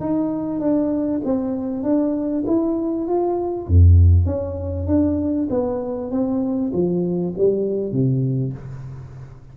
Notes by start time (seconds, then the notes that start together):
0.00 D#4
0.60 D4
1.24 C4
1.83 D4
2.46 E4
3.07 F4
3.67 F2
4.26 C#4
4.87 D4
5.50 B3
6.11 C4
6.73 F3
7.37 G3
7.91 C3